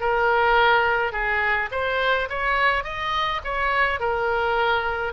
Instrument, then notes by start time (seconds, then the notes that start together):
oboe
0.00 A#4
1.12 G#4
1.71 C5
2.29 C#5
2.84 D#5
3.44 C#5
4.00 A#4